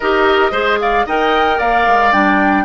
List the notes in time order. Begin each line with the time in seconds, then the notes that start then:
0.00 D#4 G4 A#4 D#5
0.51 G#3 G#4 C5
0.80 D5 F5
1.06 D#4 A#4 D#5 G5
1.58 A#3 D5 F5
1.87 G#3
2.12 G3 D4 G5